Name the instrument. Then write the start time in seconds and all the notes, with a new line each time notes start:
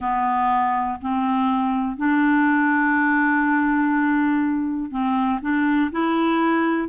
clarinet
0.00 B3
1.01 C4
1.96 D4
4.90 C4
5.41 D4
5.92 E4